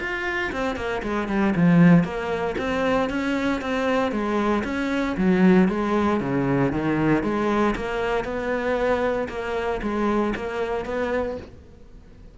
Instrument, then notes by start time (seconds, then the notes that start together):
cello
0.00 F4
0.52 C4
0.76 A#3
1.03 G#3
1.28 G3
1.56 F3
2.04 A#3
2.58 C4
3.10 C#4
3.62 C4
4.12 G#3
4.64 C#4
5.17 F#3
5.69 G#3
6.21 C#3
6.72 D#3
7.23 G#3
7.76 A#3
8.25 B3
9.29 A#3
9.83 G#3
10.35 A#3
10.86 B3